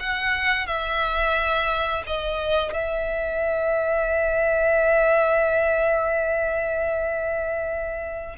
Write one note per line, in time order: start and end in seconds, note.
0.00 0.67 F#5
0.67 2.03 E5
2.07 2.73 D#5
2.73 8.36 E5